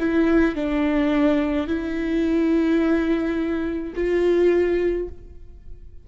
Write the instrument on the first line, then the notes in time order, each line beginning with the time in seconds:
viola
0.00 E4
0.56 D4
1.68 E4
3.95 F4